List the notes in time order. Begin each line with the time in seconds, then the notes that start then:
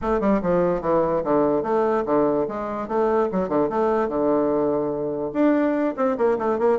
0.01 A3
0.20 G3
0.41 F3
0.81 E3
1.24 D3
1.63 A3
2.05 D3
2.48 G#3
2.87 A3
3.32 F#3
3.48 D3
3.69 A3
4.08 D3
5.33 D4
5.96 C4
6.17 A#3
6.38 A3
6.58 A#3